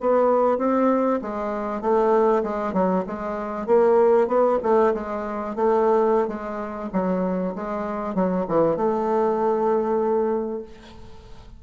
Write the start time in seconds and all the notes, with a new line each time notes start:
0.00 B3
0.58 C4
1.21 G#3
1.81 A3
2.43 G#3
2.73 F#3
3.06 G#3
3.66 A#3
4.27 B3
4.62 A3
4.94 G#3
5.55 A3
6.27 G#3
6.92 F#3
7.55 G#3
8.14 F#3
8.47 E3
8.76 A3